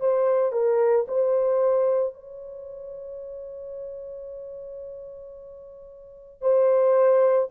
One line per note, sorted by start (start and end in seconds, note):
0.00 0.52 C5
0.52 1.05 A#4
1.08 2.13 C5
2.13 6.41 C#5
6.41 7.49 C5